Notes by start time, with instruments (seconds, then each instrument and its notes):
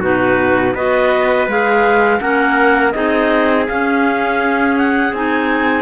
0.00 cello B2, clarinet D#4 B4, trumpet F#4
0.74 cello B3, clarinet F#4 D#5, trumpet B4
1.47 cello G#3, clarinet G#4 F5
2.19 cello A#3, clarinet C#4 F#5, trumpet A#4
2.92 cello C4, clarinet D#4 D#5, trumpet G#4
3.68 cello C#4, clarinet C#4 F5
4.77 clarinet F#5
5.13 cello C4, clarinet D#4 G#5